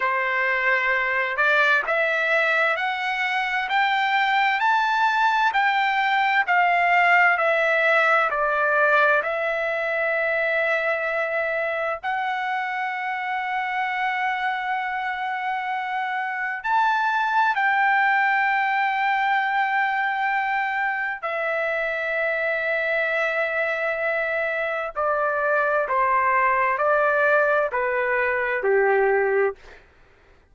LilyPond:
\new Staff \with { instrumentName = "trumpet" } { \time 4/4 \tempo 4 = 65 c''4. d''8 e''4 fis''4 | g''4 a''4 g''4 f''4 | e''4 d''4 e''2~ | e''4 fis''2.~ |
fis''2 a''4 g''4~ | g''2. e''4~ | e''2. d''4 | c''4 d''4 b'4 g'4 | }